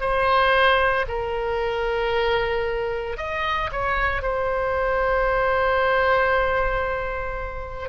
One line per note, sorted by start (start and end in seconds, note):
0.00 1.05 C5
1.08 3.17 A#4
3.17 3.70 D#5
3.72 4.22 C#5
4.22 7.89 C5